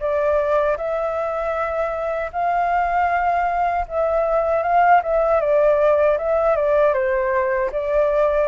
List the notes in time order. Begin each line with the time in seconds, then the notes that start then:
0.00 D5
0.77 E5
2.32 F5
3.88 E5
4.63 F5
5.03 E5
5.41 D5
6.18 E5
6.56 D5
6.94 C5
7.72 D5